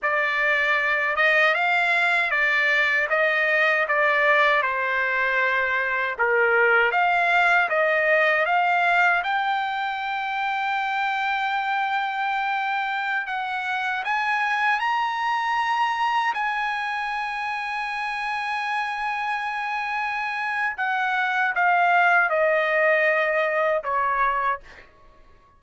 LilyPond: \new Staff \with { instrumentName = "trumpet" } { \time 4/4 \tempo 4 = 78 d''4. dis''8 f''4 d''4 | dis''4 d''4 c''2 | ais'4 f''4 dis''4 f''4 | g''1~ |
g''4~ g''16 fis''4 gis''4 ais''8.~ | ais''4~ ais''16 gis''2~ gis''8.~ | gis''2. fis''4 | f''4 dis''2 cis''4 | }